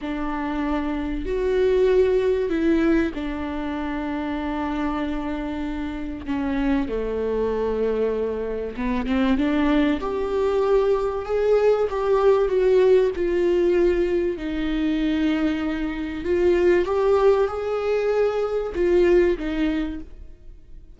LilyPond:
\new Staff \with { instrumentName = "viola" } { \time 4/4 \tempo 4 = 96 d'2 fis'2 | e'4 d'2.~ | d'2 cis'4 a4~ | a2 b8 c'8 d'4 |
g'2 gis'4 g'4 | fis'4 f'2 dis'4~ | dis'2 f'4 g'4 | gis'2 f'4 dis'4 | }